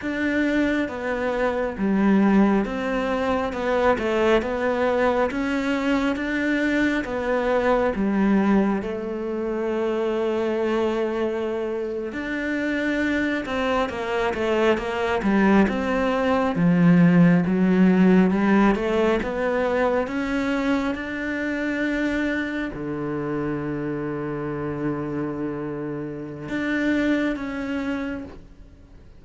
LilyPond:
\new Staff \with { instrumentName = "cello" } { \time 4/4 \tempo 4 = 68 d'4 b4 g4 c'4 | b8 a8 b4 cis'4 d'4 | b4 g4 a2~ | a4.~ a16 d'4. c'8 ais16~ |
ais16 a8 ais8 g8 c'4 f4 fis16~ | fis8. g8 a8 b4 cis'4 d'16~ | d'4.~ d'16 d2~ d16~ | d2 d'4 cis'4 | }